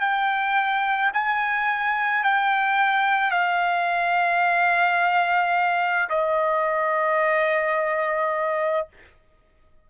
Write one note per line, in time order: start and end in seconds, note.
0.00 1.11 G5
1.13 2.24 G#5
2.24 3.31 G5
3.31 6.09 F5
6.10 8.87 D#5